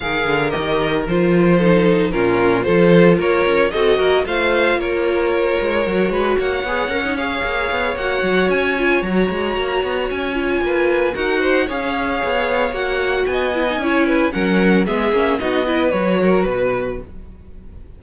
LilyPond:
<<
  \new Staff \with { instrumentName = "violin" } { \time 4/4 \tempo 4 = 113 f''4 dis''4 c''2 | ais'4 c''4 cis''4 dis''4 | f''4 cis''2. | fis''4. f''4. fis''4 |
gis''4 ais''2 gis''4~ | gis''4 fis''4 f''2 | fis''4 gis''2 fis''4 | e''4 dis''4 cis''4 b'4 | }
  \new Staff \with { instrumentName = "violin" } { \time 4/4 ais'2. a'4 | f'4 a'4 ais'4 a'8 ais'8 | c''4 ais'2~ ais'8 b'8 | cis''1~ |
cis''1 | b'4 ais'8 c''8 cis''2~ | cis''4 dis''4 cis''8 b'8 ais'4 | gis'4 fis'8 b'4 ais'8 b'4 | }
  \new Staff \with { instrumentName = "viola" } { \time 4/4 gis'4 g'4 f'4 dis'4 | cis'4 f'2 fis'4 | f'2. fis'4~ | fis'8 gis'8 ais'16 dis'16 gis'4. fis'4~ |
fis'8 f'8 fis'2~ fis'8 f'8~ | f'4 fis'4 gis'2 | fis'4. e'16 dis'16 e'4 cis'4 | b8 cis'8 dis'8 e'8 fis'2 | }
  \new Staff \with { instrumentName = "cello" } { \time 4/4 dis8 d8 dis4 f2 | ais,4 f4 ais8 cis'8 c'8 ais8 | a4 ais4. gis8 fis8 gis8 | ais8 b8 cis'4 ais8 b8 ais8 fis8 |
cis'4 fis8 gis8 ais8 b8 cis'4 | ais4 dis'4 cis'4 b4 | ais4 b4 cis'4 fis4 | gis8 ais8 b4 fis4 b,4 | }
>>